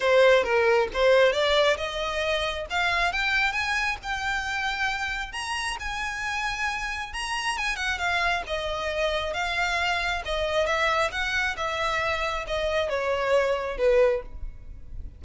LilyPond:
\new Staff \with { instrumentName = "violin" } { \time 4/4 \tempo 4 = 135 c''4 ais'4 c''4 d''4 | dis''2 f''4 g''4 | gis''4 g''2. | ais''4 gis''2. |
ais''4 gis''8 fis''8 f''4 dis''4~ | dis''4 f''2 dis''4 | e''4 fis''4 e''2 | dis''4 cis''2 b'4 | }